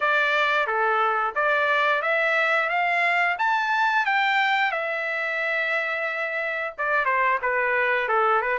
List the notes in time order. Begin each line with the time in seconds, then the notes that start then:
0.00 D5
0.66 A4
1.35 D5
2.01 E5
2.69 F5
3.38 A5
4.05 G5
4.71 E5
6.78 D5
7.04 C5
7.42 B4
8.08 A4
8.41 B4